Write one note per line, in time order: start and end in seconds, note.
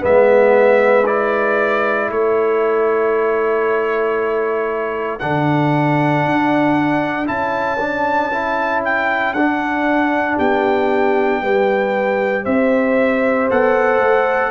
0.00 2.10 G#3
0.00 1.03 B3
0.00 2.08 B4
0.00 1.06 E5
1.06 5.19 E4
1.06 2.09 D5
2.08 5.20 A3
2.08 10.36 A4
2.08 5.19 C#5
5.19 6.25 D3
5.19 7.26 D4
5.19 7.26 F#5
6.25 7.28 D4
7.26 9.33 C#4
7.26 7.77 E4
7.26 8.82 A5
7.79 8.31 D4
8.32 9.35 E4
8.84 9.33 G5
9.33 10.37 D4
9.33 11.43 D4
9.33 10.36 F#5
10.36 11.41 B3
10.36 11.40 G4
10.36 12.45 G5
11.41 12.45 G3
11.41 13.50 G4
11.41 12.44 B4
12.44 13.49 C4
12.44 14.50 C5
12.44 13.48 E5
13.50 13.99 B3
13.50 14.50 A4
13.50 14.50 F#5
13.99 14.50 A3